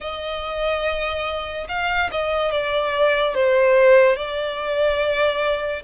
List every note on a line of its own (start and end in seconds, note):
0.00 1.67 D#5
1.68 2.10 F5
2.11 2.51 D#5
2.51 3.34 D5
3.34 4.16 C5
4.16 5.82 D5